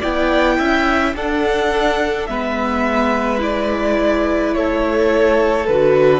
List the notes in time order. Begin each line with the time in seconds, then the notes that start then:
0.00 B3 E4 D5 G5
0.58 C#4 E5
1.14 D4 A4 F#5
2.27 G#3 B3 B4 E5
3.39 E4 D5
4.54 A3 A4 C#5
5.67 D3 F#4 B4